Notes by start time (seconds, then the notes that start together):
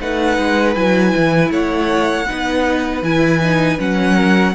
0.00 A3 D#4 B4 F#5
0.38 G#3
0.75 F#3 E4 G#5
1.15 E3
1.50 A3 C#5 F#5
2.27 B3 D#4 B4
3.02 E3 E4 G#5
3.42 D#4
3.78 F#3 C#4 F#5
4.14 A#4